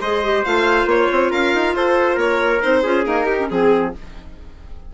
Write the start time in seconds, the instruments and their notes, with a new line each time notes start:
0.00 bassoon G#3, clarinet G#4, trumpet C5, violin D#5
0.23 clarinet G4
0.44 bassoon A3, clarinet F4, violin F5
0.85 bassoon A#3, violin C#5
1.12 bassoon C4
1.30 bassoon C#4, trumpet A#4, violin F5
1.54 bassoon D#4
1.74 bassoon F4, trumpet A4, violin C5
2.14 bassoon A#3, trumpet A#4, violin C#5
2.61 bassoon C4, clarinet D#4, violin C5
2.82 bassoon C#4, clarinet F4, trumpet G#4
3.04 clarinet A#3, bassoon D#4, violin A#4
3.25 clarinet D#4, trumpet G4
3.39 clarinet C#4
3.49 bassoon F3, clarinet C4, violin G#4, trumpet G#4